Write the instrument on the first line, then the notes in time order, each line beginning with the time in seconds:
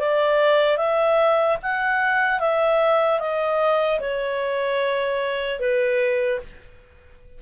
clarinet
0.00 D5
0.77 E5
1.63 F#5
2.40 E5
3.20 D#5
4.00 C#5
5.60 B4